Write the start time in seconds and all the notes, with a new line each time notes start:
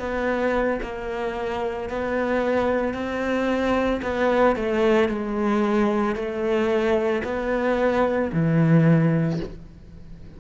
0.00 B3
0.83 A#3
1.90 B3
2.95 C4
4.03 B3
4.56 A3
5.09 G#3
6.16 A3
7.24 B3
8.33 E3